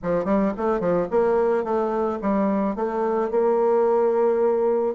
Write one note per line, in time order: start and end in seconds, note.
0.02 0.24 F3
0.24 0.52 G3
0.57 0.80 A3
0.80 1.07 F3
1.10 1.64 A#3
1.64 2.19 A3
2.21 2.75 G3
2.75 3.30 A3
3.30 4.94 A#3